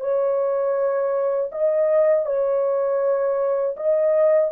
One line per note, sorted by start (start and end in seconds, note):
0.00 1.50 C#5
1.52 2.26 D#5
2.26 3.76 C#5
3.77 4.51 D#5